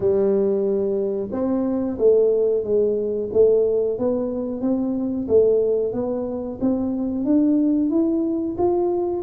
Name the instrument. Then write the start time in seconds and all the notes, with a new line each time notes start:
tuba
0.00 G3
1.31 C4
1.98 A3
2.63 G#3
3.32 A3
3.98 B3
4.61 C4
5.28 A3
5.93 B3
6.61 C4
7.24 D4
7.90 E4
8.57 F4